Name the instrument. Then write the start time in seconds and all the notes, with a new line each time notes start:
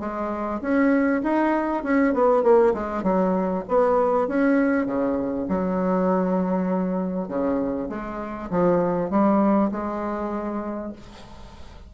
bassoon
0.00 G#3
0.61 C#4
1.23 D#4
1.83 C#4
2.14 B3
2.43 A#3
2.74 G#3
3.03 F#3
3.68 B3
4.28 C#4
4.86 C#3
5.49 F#3
7.28 C#3
7.89 G#3
8.50 F3
9.10 G3
9.72 G#3